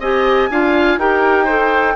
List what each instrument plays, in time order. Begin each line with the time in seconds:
0.00 bassoon C4, clarinet G4, oboe D#5, flute G#5
0.51 bassoon D4, clarinet F4, oboe F5
0.98 bassoon D#4, clarinet G4, oboe A#4, flute G5
1.45 clarinet A4, oboe C5